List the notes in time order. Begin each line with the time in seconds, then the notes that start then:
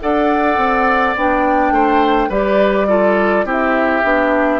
0.00 D4 A4 D5 F#5
0.57 C4
1.16 B3 D4 G5
1.70 A3 C5
2.28 G3 G4 B4 D5
2.88 F4 A4
3.44 C4 E4 G4
3.51 E5
4.03 B3 D4